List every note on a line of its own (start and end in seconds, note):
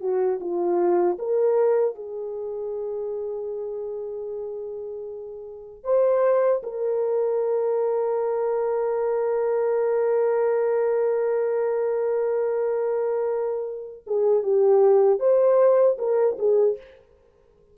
0.00 0.39 F#4
0.40 1.18 F4
1.18 1.95 A#4
1.95 5.84 G#4
5.84 6.62 C5
6.63 14.03 A#4
14.06 14.43 G#4
14.43 15.19 G4
15.19 15.97 C5
15.98 16.37 A#4
16.38 16.77 G#4